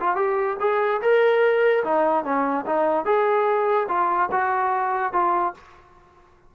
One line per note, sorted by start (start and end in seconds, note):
0.00 0.16 F4
0.16 0.57 G4
0.60 1.01 G#4
1.02 1.84 A#4
1.84 2.24 D#4
2.24 2.65 C#4
2.66 3.05 D#4
3.05 3.87 G#4
3.88 4.29 F4
4.32 5.13 F#4
5.13 5.54 F4